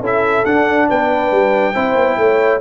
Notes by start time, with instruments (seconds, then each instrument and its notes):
0.00 tuba C#4, trombone E4, horn A4, trumpet E5
0.45 trombone D4, tuba D4, trumpet F#5
0.89 tuba B3, horn B4, trumpet G5
1.31 tuba G3
1.74 tuba C4, trombone E4, horn C5
1.95 tuba B3
2.17 tuba A3, horn C#5